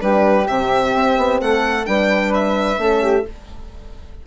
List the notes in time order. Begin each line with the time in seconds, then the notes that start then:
0.00 G3 D4 G4 B4
0.47 C3 C4 E5
0.94 C4
1.17 B3
1.41 A3 A4 F#5
1.85 G3 D4 B4 G5
2.34 E5
2.77 A3 C#4 A4
3.02 G4